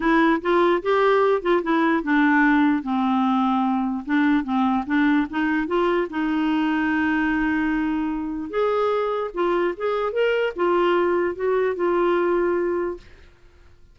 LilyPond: \new Staff \with { instrumentName = "clarinet" } { \time 4/4 \tempo 4 = 148 e'4 f'4 g'4. f'8 | e'4 d'2 c'4~ | c'2 d'4 c'4 | d'4 dis'4 f'4 dis'4~ |
dis'1~ | dis'4 gis'2 f'4 | gis'4 ais'4 f'2 | fis'4 f'2. | }